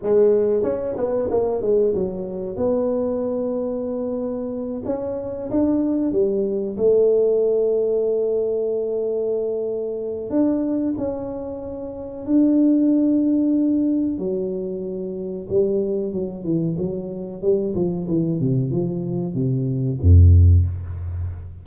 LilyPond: \new Staff \with { instrumentName = "tuba" } { \time 4/4 \tempo 4 = 93 gis4 cis'8 b8 ais8 gis8 fis4 | b2.~ b8 cis'8~ | cis'8 d'4 g4 a4.~ | a1 |
d'4 cis'2 d'4~ | d'2 fis2 | g4 fis8 e8 fis4 g8 f8 | e8 c8 f4 c4 f,4 | }